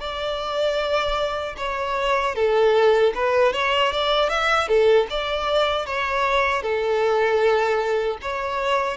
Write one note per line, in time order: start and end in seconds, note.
0.00 1.56 D5
1.58 2.36 C#5
2.36 3.13 A4
3.15 3.53 B4
3.53 3.92 C#5
3.92 4.30 D5
4.30 4.68 E5
4.68 5.07 A4
5.10 5.86 D5
5.86 6.63 C#5
6.63 8.19 A4
8.22 8.98 C#5